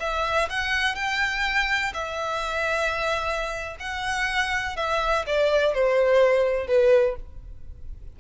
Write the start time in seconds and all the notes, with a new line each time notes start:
0.00 E5
0.50 F#5
0.95 G5
1.94 E5
3.80 F#5
4.76 E5
5.27 D5
5.74 C5
6.67 B4